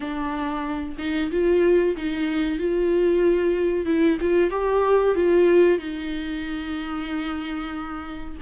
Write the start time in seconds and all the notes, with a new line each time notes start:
0.00 D4
0.98 D#4
1.31 F4
1.96 D#4
2.58 F4
3.85 E4
4.20 F4
4.50 G4
5.15 F4
5.78 D#4